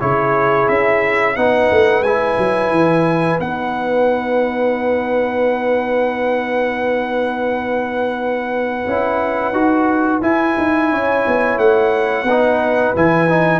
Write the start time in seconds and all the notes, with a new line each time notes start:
0.00 C#3 E4 G#4 C#5
0.68 C#4 E5
1.36 B3 D#4 B4 F#5
1.71 A3
2.01 G#3 E4 G#5
2.38 F#3
2.71 E3
3.40 B3 D#4 F#5
8.87 C#4 E4
9.52 D#4 F#4
10.21 E4 G#5
10.58 D#4
10.91 C#4 C#5
11.27 B3
11.58 A3 F#5
12.23 B3 D#4 B4
12.96 E3 E4 G#5
13.29 D#4